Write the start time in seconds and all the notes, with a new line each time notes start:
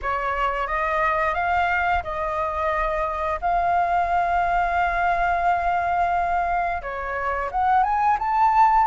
0.02 C#5
0.67 D#5
1.34 F5
2.03 D#5
3.41 F5
6.82 C#5
7.51 F#5
7.83 G#5
8.18 A5